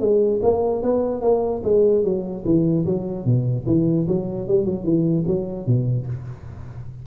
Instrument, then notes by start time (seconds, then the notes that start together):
tuba
0.00 G#3
0.42 A#3
0.82 B3
1.22 A#3
1.64 G#3
2.04 F#3
2.45 E3
2.86 F#3
3.25 B2
3.66 E3
4.08 F#3
4.48 G3
4.65 F#3
4.84 E3
5.27 F#3
5.66 B2